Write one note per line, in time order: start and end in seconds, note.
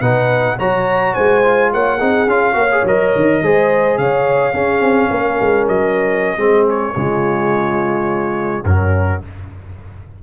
0.00 0.57 B2
0.00 0.58 D#4
0.00 0.57 B4
0.00 0.58 F#5
0.58 1.15 F#3
0.58 1.43 F#4
0.58 1.14 C#5
0.58 1.14 A#5
1.14 1.73 G#3
1.14 1.71 C5
1.14 1.71 G#5
1.44 1.99 F4
1.73 2.01 A#3
1.73 1.98 C#5
1.73 2.29 F#5
1.98 2.27 C4
1.98 2.28 D#4
1.98 2.54 G#4
2.27 2.55 C#4
2.27 2.53 F4
2.27 2.86 F5
2.53 2.83 A#3
2.53 2.67 F#4
2.53 3.42 C#5
2.72 2.86 G#4
2.84 3.12 F#3
2.84 3.43 A#4
2.84 3.97 D#5
3.15 3.42 D#3
3.42 3.98 G#3
3.42 4.53 G#4
3.42 4.00 C5
3.97 4.53 C#3
3.97 4.53 C#5
3.97 5.67 F5
4.53 4.80 C#4
4.53 6.37 C#4
4.53 5.10 G#4
4.80 5.08 C4
5.10 5.39 A#3
5.10 6.38 A#4
5.41 5.68 G#3
5.68 6.37 F#3
5.68 6.67 D#5
6.37 6.93 G#3
6.37 6.94 C4
6.37 6.95 G#4
6.69 8.65 C#5
6.95 8.64 C#3
6.95 8.65 G#3
6.95 8.66 F4
8.64 9.21 F#2
8.64 9.22 F#3
8.64 9.23 C#4
8.64 9.22 A#4